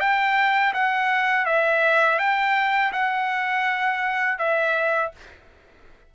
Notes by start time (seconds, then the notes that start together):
0.00 G5
0.74 F#5
1.46 E5
2.19 G5
2.92 F#5
4.38 E5